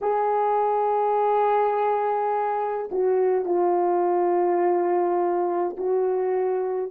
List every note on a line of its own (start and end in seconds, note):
0.01 2.89 G#4
2.91 3.45 F#4
3.45 5.75 F4
5.77 6.91 F#4